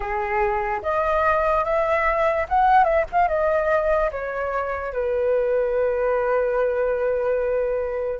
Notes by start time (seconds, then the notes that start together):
0.00 G#4
0.82 D#5
1.64 E5
2.48 F#5
2.84 E5
3.12 F5
3.28 D#5
4.11 C#5
4.92 B4